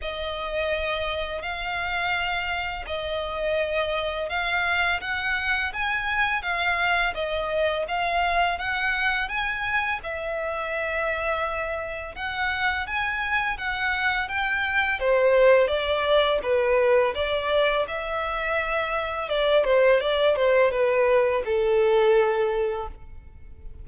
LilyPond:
\new Staff \with { instrumentName = "violin" } { \time 4/4 \tempo 4 = 84 dis''2 f''2 | dis''2 f''4 fis''4 | gis''4 f''4 dis''4 f''4 | fis''4 gis''4 e''2~ |
e''4 fis''4 gis''4 fis''4 | g''4 c''4 d''4 b'4 | d''4 e''2 d''8 c''8 | d''8 c''8 b'4 a'2 | }